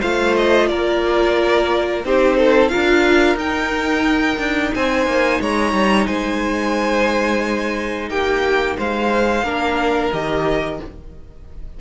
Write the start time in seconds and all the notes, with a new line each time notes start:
0.00 A3 F4 C5 F5
0.37 D#5
0.68 A#3 A#4 D5
2.05 C4 D#4 G4 C5
2.37 A4
2.69 F4 A#4 F5
2.75 D4
3.36 D#4 G5
4.39 D4
4.75 C4 C5 G#5
5.06 A#3
5.41 G#3 C#5 A#5
5.73 G3
6.07 G#3 C5 G#5
8.09 A#3 G4 G5
8.78 G#3 C5 F5
9.43 A#3 D4 A#4
10.13 D#3 G4 D#5